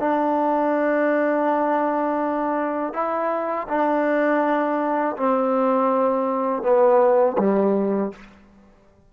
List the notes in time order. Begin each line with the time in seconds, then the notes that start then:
0.00 D4
2.94 E4
3.69 D4
5.17 C4
6.63 B3
7.38 G3